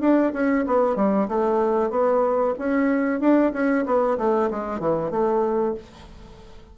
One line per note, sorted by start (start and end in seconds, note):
0.00 0.32 D4
0.33 0.65 C#4
0.67 0.96 B3
0.96 1.28 G3
1.28 1.90 A3
1.90 2.54 B3
2.59 3.20 C#4
3.20 3.52 D4
3.53 3.85 C#4
3.86 4.18 B3
4.18 4.50 A3
4.50 4.80 G#3
4.80 5.11 E3
5.11 5.74 A3